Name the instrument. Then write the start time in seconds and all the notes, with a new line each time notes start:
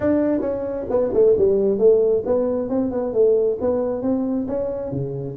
tuba
0.00 D4
0.40 C#4
0.90 B3
1.13 A3
1.37 G3
1.78 A3
2.25 B3
2.69 C4
2.91 B3
3.13 A3
3.60 B3
4.02 C4
4.47 C#4
4.91 C#3